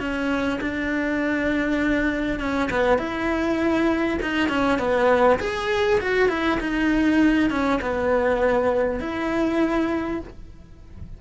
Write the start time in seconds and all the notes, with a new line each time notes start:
0.00 C#4
0.61 D4
2.40 C#4
2.71 B3
2.99 E4
4.22 D#4
4.49 C#4
4.79 B3
5.40 G#4
6.01 F#4
6.29 E4
6.61 D#4
7.50 C#4
7.82 B3
9.01 E4